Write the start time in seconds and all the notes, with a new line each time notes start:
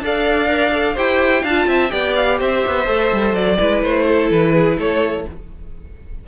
0.00 D4 A4 D5 F5
0.47 A#4
0.72 A4
0.94 E4 G4 C5 G5
1.41 D4 F5 A5
1.49 F4
1.66 C4 E5
1.89 B3 G4 D5 G5
2.15 F5
2.38 C4 C5 E5
2.66 B3
2.85 A3 A4
3.12 G3
3.34 F#3 D5
3.58 G#3 E4 B4
3.82 A3 C5
4.07 A4
4.30 E3 B4
4.53 G#4
4.77 A3 A4 C#5